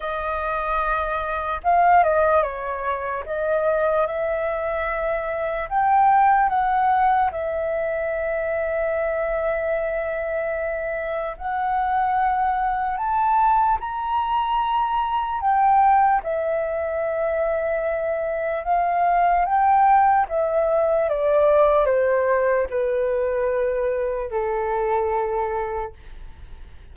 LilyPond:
\new Staff \with { instrumentName = "flute" } { \time 4/4 \tempo 4 = 74 dis''2 f''8 dis''8 cis''4 | dis''4 e''2 g''4 | fis''4 e''2.~ | e''2 fis''2 |
a''4 ais''2 g''4 | e''2. f''4 | g''4 e''4 d''4 c''4 | b'2 a'2 | }